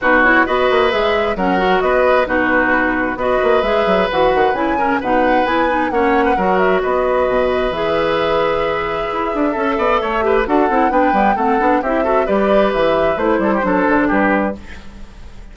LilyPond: <<
  \new Staff \with { instrumentName = "flute" } { \time 4/4 \tempo 4 = 132 b'8 cis''8 dis''4 e''4 fis''4 | dis''4 b'2 dis''4 | e''4 fis''4 gis''4 fis''4 | gis''4 fis''4. e''8 dis''4~ |
dis''4 e''2.~ | e''2. fis''4 | g''4 fis''4 e''4 d''4 | e''4 c''2 b'4 | }
  \new Staff \with { instrumentName = "oboe" } { \time 4/4 fis'4 b'2 ais'4 | b'4 fis'2 b'4~ | b'2~ b'8 ais'8 b'4~ | b'4 cis''8. b'16 ais'4 b'4~ |
b'1~ | b'4 a'8 d''8 cis''8 b'8 a'4 | b'4 a'4 g'8 a'8 b'4~ | b'4. a'16 g'16 a'4 g'4 | }
  \new Staff \with { instrumentName = "clarinet" } { \time 4/4 dis'8 e'8 fis'4 gis'4 cis'8 fis'8~ | fis'4 dis'2 fis'4 | gis'4 fis'4 e'8 cis'8 dis'4 | e'8 dis'8 cis'4 fis'2~ |
fis'4 gis'2.~ | gis'4 a'4. g'8 fis'8 e'8 | d'8 b8 c'8 d'8 e'8 fis'8 g'4~ | g'4 e'4 d'2 | }
  \new Staff \with { instrumentName = "bassoon" } { \time 4/4 b,4 b8 ais8 gis4 fis4 | b4 b,2 b8 ais8 | gis8 fis8 e8 dis8 cis4 b,4 | b4 ais4 fis4 b4 |
b,4 e2. | e'8 d'8 cis'8 b8 a4 d'8 c'8 | b8 g8 a8 b8 c'4 g4 | e4 a8 g8 fis8 d8 g4 | }
>>